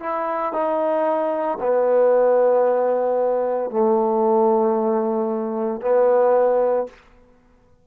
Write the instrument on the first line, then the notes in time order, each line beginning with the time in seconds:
trombone
0.00 E4
0.52 D#4
1.60 B3
3.70 A3
5.81 B3